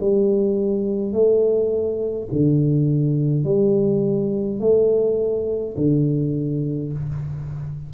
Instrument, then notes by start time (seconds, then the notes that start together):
tuba
0.00 G3
1.13 A3
2.32 D3
3.45 G3
4.60 A3
5.77 D3